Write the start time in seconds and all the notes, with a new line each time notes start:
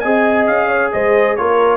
0.00 C4 G#4 D#5 G#5
0.47 C#4 F5
0.68 C#5
0.92 G#3 C5 D#5
1.36 A#3 F4 A#4 C#5